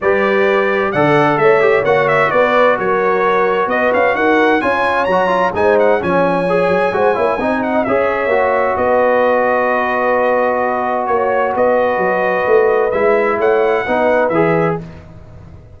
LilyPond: <<
  \new Staff \with { instrumentName = "trumpet" } { \time 4/4 \tempo 4 = 130 d''2 fis''4 e''4 | fis''8 e''8 d''4 cis''2 | dis''8 f''8 fis''4 gis''4 ais''4 | gis''8 fis''8 gis''2.~ |
gis''8 fis''8 e''2 dis''4~ | dis''1 | cis''4 dis''2. | e''4 fis''2 e''4 | }
  \new Staff \with { instrumentName = "horn" } { \time 4/4 b'2 d''4 cis''4~ | cis''4 b'4 ais'2 | b'4 ais'4 cis''2 | c''4 cis''2 c''8 cis''8 |
dis''4 cis''2 b'4~ | b'1 | cis''4 b'2.~ | b'4 cis''4 b'2 | }
  \new Staff \with { instrumentName = "trombone" } { \time 4/4 g'2 a'4. g'8 | fis'1~ | fis'2 f'4 fis'8 f'8 | dis'4 cis'4 gis'4 fis'8 e'8 |
dis'4 gis'4 fis'2~ | fis'1~ | fis'1 | e'2 dis'4 gis'4 | }
  \new Staff \with { instrumentName = "tuba" } { \time 4/4 g2 d4 a4 | ais4 b4 fis2 | b8 cis'8 dis'4 cis'4 fis4 | gis4 f4. fis8 gis8 ais8 |
c'4 cis'4 ais4 b4~ | b1 | ais4 b4 fis4 a4 | gis4 a4 b4 e4 | }
>>